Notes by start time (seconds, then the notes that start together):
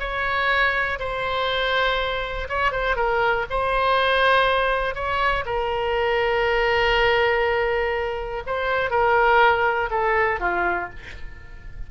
0.00 C#5
1.00 C5
2.49 C#5
2.72 C5
2.96 A#4
3.50 C5
4.95 C#5
5.46 A#4
8.47 C5
8.91 A#4
9.91 A4
10.40 F4